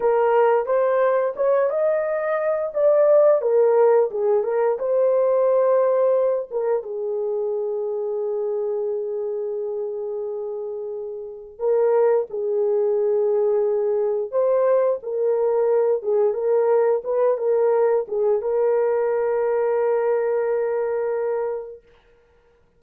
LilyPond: \new Staff \with { instrumentName = "horn" } { \time 4/4 \tempo 4 = 88 ais'4 c''4 cis''8 dis''4. | d''4 ais'4 gis'8 ais'8 c''4~ | c''4. ais'8 gis'2~ | gis'1~ |
gis'4 ais'4 gis'2~ | gis'4 c''4 ais'4. gis'8 | ais'4 b'8 ais'4 gis'8 ais'4~ | ais'1 | }